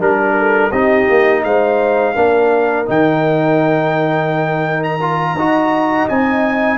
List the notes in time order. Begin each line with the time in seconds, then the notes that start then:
0.00 G3 D4 A#4
0.39 A4
0.71 C4 D#4 G4 D#5
1.10 A#3
1.44 G#3 C5 F5
2.15 A#3 D4 A#4
2.86 D#3 D#4 G5
4.84 A#5
5.01 F4
5.35 D#4 F#4 D#5
6.09 C4 D#4 G#5